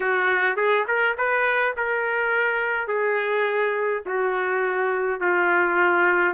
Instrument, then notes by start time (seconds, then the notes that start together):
trumpet
0.00 F#4
0.56 G#4
0.87 A#4
1.17 B4
1.76 A#4
2.87 G#4
4.05 F#4
5.20 F4